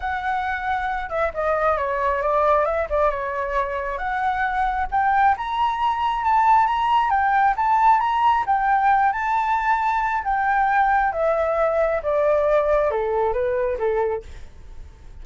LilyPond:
\new Staff \with { instrumentName = "flute" } { \time 4/4 \tempo 4 = 135 fis''2~ fis''8 e''8 dis''4 | cis''4 d''4 e''8 d''8 cis''4~ | cis''4 fis''2 g''4 | ais''2 a''4 ais''4 |
g''4 a''4 ais''4 g''4~ | g''8 a''2~ a''8 g''4~ | g''4 e''2 d''4~ | d''4 a'4 b'4 a'4 | }